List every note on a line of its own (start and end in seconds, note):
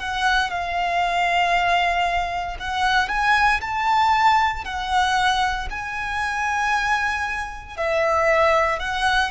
0.00 0.50 F#5
0.50 2.57 F5
2.60 3.09 F#5
3.09 3.61 G#5
3.62 4.65 A5
4.65 5.68 F#5
5.70 7.77 G#5
7.77 8.80 E5
8.80 9.31 F#5